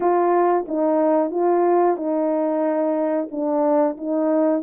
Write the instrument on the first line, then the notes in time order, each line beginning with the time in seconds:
horn
0.00 F4
0.67 D#4
1.30 F4
1.96 D#4
3.31 D4
3.97 D#4